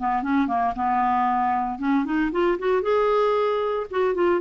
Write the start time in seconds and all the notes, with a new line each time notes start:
0.00 B3
0.23 C#4
0.48 A#3
0.76 B3
1.79 C#4
2.05 D#4
2.32 F4
2.59 F#4
2.83 G#4
3.91 F#4
4.15 F4